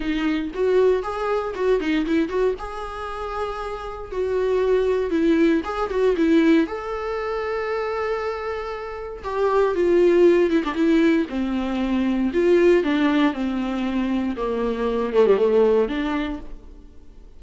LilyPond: \new Staff \with { instrumentName = "viola" } { \time 4/4 \tempo 4 = 117 dis'4 fis'4 gis'4 fis'8 dis'8 | e'8 fis'8 gis'2. | fis'2 e'4 gis'8 fis'8 | e'4 a'2.~ |
a'2 g'4 f'4~ | f'8 e'16 d'16 e'4 c'2 | f'4 d'4 c'2 | ais4. a16 g16 a4 d'4 | }